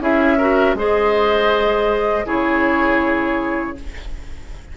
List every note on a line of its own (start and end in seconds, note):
0.00 0.75 C#4
0.00 0.38 E4
0.00 0.38 G#4
0.00 0.77 E5
0.38 0.78 F#4
0.38 0.75 A#4
0.75 2.25 G#3
0.75 2.26 G#4
0.75 2.26 C5
0.75 2.27 D#5
2.26 3.77 C#3
2.26 3.76 E4
2.26 3.76 G#4
2.26 3.77 C#5